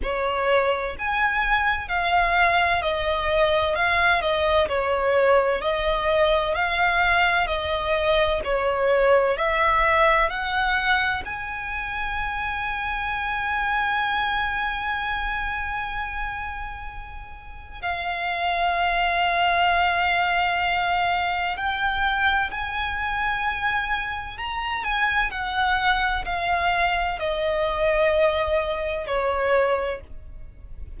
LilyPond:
\new Staff \with { instrumentName = "violin" } { \time 4/4 \tempo 4 = 64 cis''4 gis''4 f''4 dis''4 | f''8 dis''8 cis''4 dis''4 f''4 | dis''4 cis''4 e''4 fis''4 | gis''1~ |
gis''2. f''4~ | f''2. g''4 | gis''2 ais''8 gis''8 fis''4 | f''4 dis''2 cis''4 | }